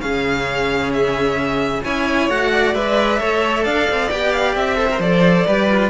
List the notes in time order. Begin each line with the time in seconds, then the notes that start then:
0.00 C#3 C#4 G#4 F5
0.93 E5
1.84 C#4 E4 C#5 G#5
2.29 A3 F#4 F#5
2.52 D5
2.75 G#3 B4 E5
3.18 A3 A4 C#5
3.64 D4 D5 F5
3.90 C4
4.10 B3 G4 G5
4.32 F5
4.56 C4 E5
4.76 A4 C5
4.90 A#4
4.99 F3 A4 D5
5.47 G3 G4 B4
5.71 F4